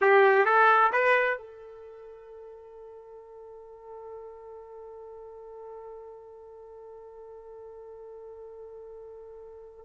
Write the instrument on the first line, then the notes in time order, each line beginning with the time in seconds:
trumpet
0.01 G4
0.45 A4
0.92 B4
1.38 A4